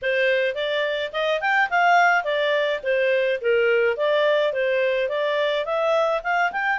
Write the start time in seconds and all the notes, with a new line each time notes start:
0.02 C5
0.54 D5
1.12 D#5
1.40 G5
1.70 F5
2.24 D5
2.83 C5
3.41 A#4
3.96 D5
4.53 C5
5.08 D5
5.64 E5
6.23 F5
6.52 G5